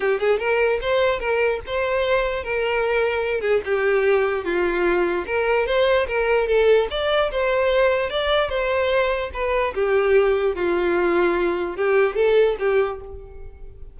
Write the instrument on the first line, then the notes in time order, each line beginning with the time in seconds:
violin
0.00 G4
0.20 G#4
0.39 A#4
0.81 C5
1.19 A#4
1.66 C5
2.43 A#4
3.41 G#4
3.65 G4
4.44 F4
5.26 A#4
5.66 C5
6.07 A#4
6.47 A4
6.90 D5
7.31 C5
8.10 D5
8.49 C5
9.33 B4
9.74 G4
10.55 F4
11.76 G4
12.15 A4
12.59 G4